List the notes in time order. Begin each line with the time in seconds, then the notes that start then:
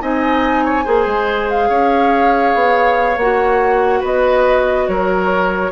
0.00 C4 D#4 D#5 G#5
0.64 C#5
0.84 A#3 G#4 C5
1.05 G#3
1.49 F5
1.68 C#4 C#5
2.54 B3
3.17 A#3 F#4 F#5
4.00 B3 B4 D#5
4.87 F#3 A#4 C#5